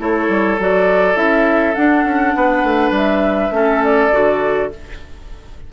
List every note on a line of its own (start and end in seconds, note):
0.00 0.29 A3
0.00 0.59 E4
0.00 2.36 A4
0.00 0.60 C#5
0.29 0.58 G3
0.59 1.16 F#3
0.59 1.15 F#4
0.59 1.18 D5
1.15 1.75 C#4
1.15 1.74 E4
1.15 1.75 E5
1.75 3.52 D4
1.75 2.05 D4
1.75 2.93 F#5
2.05 2.34 C#4
2.35 2.64 B3
2.35 3.55 B4
2.64 2.91 A3
2.91 3.50 G3
2.91 3.84 E5
3.50 4.09 A3
3.50 4.11 C#4
3.50 4.73 A4
3.84 4.72 D5
4.12 4.73 D3
4.12 4.71 F#4